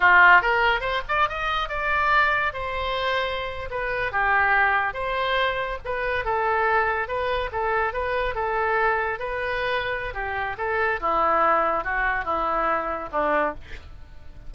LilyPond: \new Staff \with { instrumentName = "oboe" } { \time 4/4 \tempo 4 = 142 f'4 ais'4 c''8 d''8 dis''4 | d''2 c''2~ | c''8. b'4 g'2 c''16~ | c''4.~ c''16 b'4 a'4~ a'16~ |
a'8. b'4 a'4 b'4 a'16~ | a'4.~ a'16 b'2~ b'16 | g'4 a'4 e'2 | fis'4 e'2 d'4 | }